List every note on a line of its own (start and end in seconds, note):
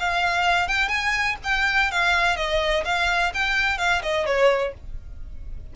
0.00 0.68 F5
0.68 0.89 G5
0.89 1.36 G#5
1.44 1.91 G5
1.91 2.37 F5
2.37 2.84 D#5
2.85 3.33 F5
3.34 3.78 G5
3.78 4.02 F5
4.03 4.26 D#5
4.26 4.74 C#5